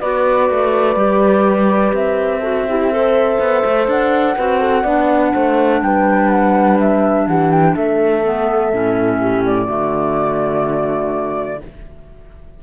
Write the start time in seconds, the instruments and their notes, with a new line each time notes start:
0.00 cello B3, clarinet F#4, horn B4, flute D5
0.50 cello A3
0.96 cello G3, clarinet G4
1.93 cello C4, flute E5
2.41 clarinet F#4, horn A4
2.69 clarinet E4, horn G4
2.92 clarinet A4, horn C5
3.40 cello B3
3.66 cello A3
3.88 cello D4, flute F#5
4.37 cello C4, clarinet F#4, horn B4
4.60 horn A4
4.83 cello B3, clarinet D4, horn D5
5.34 cello A3, horn C5
5.82 cello G3, horn B4, flute G5
6.30 flute F#5
6.79 flute E5
7.27 cello E3, horn G4, flute F#5
7.51 flute G5
7.75 cello A3, horn A4, flute E5
8.24 clarinet B3
8.73 cello A2, clarinet C#4
9.21 horn G4
9.46 flute D5
9.67 cello D3, clarinet A3, horn F#4